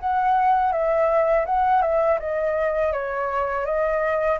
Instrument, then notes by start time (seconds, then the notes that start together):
flute
0.00 F#5
0.72 E5
1.46 F#5
1.82 E5
2.20 D#5
2.93 C#5
3.66 D#5